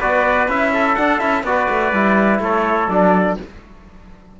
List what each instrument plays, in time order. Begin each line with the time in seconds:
0.00 cello B3, trombone F#4, trumpet B4 D5
0.48 cello C#4, trombone E4, trumpet E5
0.74 trumpet A4
0.95 trombone D4, cello D4, trumpet F#5
1.19 cello C#4, trombone E4, trumpet E5
1.43 cello B3, trombone F#4, trumpet D5
1.49 trumpet B4
1.69 cello A3
1.92 cello G3, trombone E4
2.39 cello A3, trumpet A4 C#5
2.89 cello F#3, trombone D4, trumpet D5